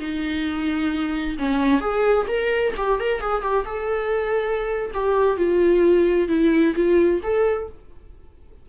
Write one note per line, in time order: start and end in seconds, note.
0.00 1.37 D#4
1.39 1.81 C#4
1.81 2.27 G#4
2.28 2.74 A#4
2.78 3.00 G4
3.00 3.21 A#4
3.21 3.42 G#4
3.42 3.65 G4
3.66 4.92 A4
4.94 5.37 G4
5.37 6.29 F4
6.29 6.75 E4
6.76 7.22 F4
7.23 7.69 A4